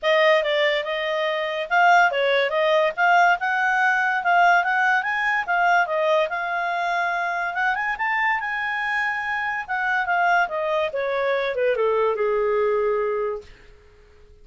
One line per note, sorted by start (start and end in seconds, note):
0.02 0.43 D#5
0.43 0.84 D5
0.84 1.67 D#5
1.69 2.11 F5
2.11 2.49 C#5
2.49 2.91 D#5
2.96 3.38 F5
3.39 4.23 F#5
4.23 4.64 F5
4.64 5.02 F#5
5.02 5.44 G#5
5.46 5.86 F5
5.86 6.28 D#5
6.29 7.54 F5
7.54 7.75 F#5
7.75 7.96 G#5
7.97 8.39 A5
8.40 9.65 G#5
9.67 10.06 F#5
10.06 10.48 F5
10.48 10.90 D#5
10.93 11.55 C#5
11.55 11.76 B4
11.76 12.15 A4
12.15 13.41 G#4